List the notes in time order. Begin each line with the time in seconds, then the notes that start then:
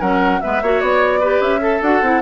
0.00 F#3 C#4 A#4 F#5
0.41 G#3 B3 B4 E5
0.62 A#3 F#4 C#5
0.81 B3 D5
1.20 G4 B4
1.41 C#4 E5
1.61 A4
1.82 D4 F#4 F#5
2.02 C4 E4